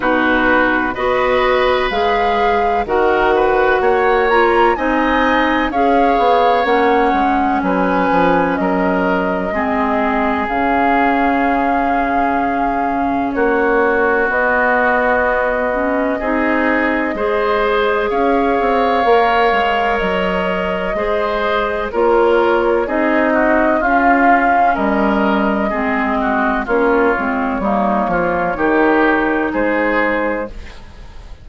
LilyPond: <<
  \new Staff \with { instrumentName = "flute" } { \time 4/4 \tempo 4 = 63 b'4 dis''4 f''4 fis''4~ | fis''8 ais''8 gis''4 f''4 fis''4 | gis''4 dis''2 f''4~ | f''2 cis''4 dis''4~ |
dis''2. f''4~ | f''4 dis''2 cis''4 | dis''4 f''4 dis''2 | cis''2. c''4 | }
  \new Staff \with { instrumentName = "oboe" } { \time 4/4 fis'4 b'2 ais'8 b'8 | cis''4 dis''4 cis''2 | b'4 ais'4 gis'2~ | gis'2 fis'2~ |
fis'4 gis'4 c''4 cis''4~ | cis''2 c''4 ais'4 | gis'8 fis'8 f'4 ais'4 gis'8 fis'8 | f'4 dis'8 f'8 g'4 gis'4 | }
  \new Staff \with { instrumentName = "clarinet" } { \time 4/4 dis'4 fis'4 gis'4 fis'4~ | fis'8 f'8 dis'4 gis'4 cis'4~ | cis'2 c'4 cis'4~ | cis'2. b4~ |
b8 cis'8 dis'4 gis'2 | ais'2 gis'4 f'4 | dis'4 cis'2 c'4 | cis'8 c'8 ais4 dis'2 | }
  \new Staff \with { instrumentName = "bassoon" } { \time 4/4 b,4 b4 gis4 dis4 | ais4 c'4 cis'8 b8 ais8 gis8 | fis8 f8 fis4 gis4 cis4~ | cis2 ais4 b4~ |
b4 c'4 gis4 cis'8 c'8 | ais8 gis8 fis4 gis4 ais4 | c'4 cis'4 g4 gis4 | ais8 gis8 g8 f8 dis4 gis4 | }
>>